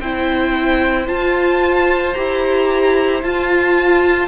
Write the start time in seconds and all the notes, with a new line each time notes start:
0.00 C4 E4 C5 G5
1.07 F4 A5
2.14 E4 G4 A#5
3.22 F4 A5